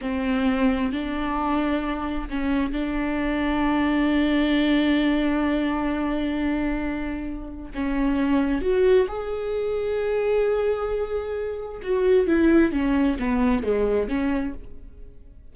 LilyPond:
\new Staff \with { instrumentName = "viola" } { \time 4/4 \tempo 4 = 132 c'2 d'2~ | d'4 cis'4 d'2~ | d'1~ | d'1~ |
d'4 cis'2 fis'4 | gis'1~ | gis'2 fis'4 e'4 | cis'4 b4 gis4 cis'4 | }